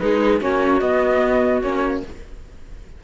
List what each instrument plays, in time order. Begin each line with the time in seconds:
0.00 cello G#3, viola D#4, clarinet G#4, flute B4
0.41 cello A#3, viola C#4, clarinet F#4, flute C#5
0.81 cello B3, viola B3, flute D#5
1.62 cello A#3, viola C#4, flute C#5